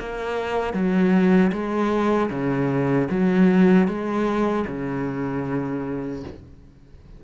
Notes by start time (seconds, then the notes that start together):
0.00 A#3
0.74 F#3
1.52 G#3
2.31 C#3
3.11 F#3
3.88 G#3
4.68 C#3